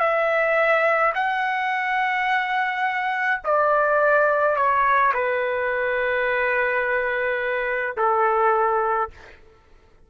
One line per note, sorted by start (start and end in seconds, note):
0.00 1.13 E5
1.15 3.41 F#5
3.45 4.56 D5
4.56 5.13 C#5
5.14 7.97 B4
7.98 9.11 A4